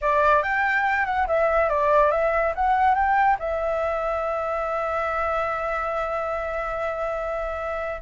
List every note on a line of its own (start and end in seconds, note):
0.01 0.42 D5
0.42 1.05 G5
1.05 1.26 F#5
1.27 1.69 E5
1.69 2.11 D5
2.11 2.53 E5
2.55 2.95 F#5
2.95 3.37 G5
3.39 8.01 E5